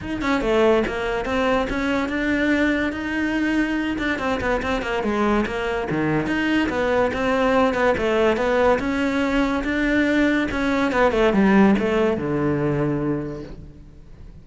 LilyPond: \new Staff \with { instrumentName = "cello" } { \time 4/4 \tempo 4 = 143 dis'8 cis'8 a4 ais4 c'4 | cis'4 d'2 dis'4~ | dis'4. d'8 c'8 b8 c'8 ais8 | gis4 ais4 dis4 dis'4 |
b4 c'4. b8 a4 | b4 cis'2 d'4~ | d'4 cis'4 b8 a8 g4 | a4 d2. | }